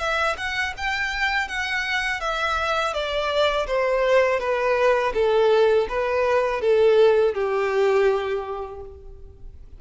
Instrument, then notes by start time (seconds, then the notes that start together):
violin
0.00 E5
0.38 F#5
0.77 G5
1.49 F#5
2.21 E5
2.94 D5
3.68 C5
4.40 B4
5.15 A4
5.89 B4
6.62 A4
7.35 G4